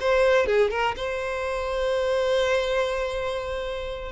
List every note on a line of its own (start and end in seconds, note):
0.00 0.46 C5
0.46 0.71 G#4
0.71 0.95 A#4
0.96 4.12 C5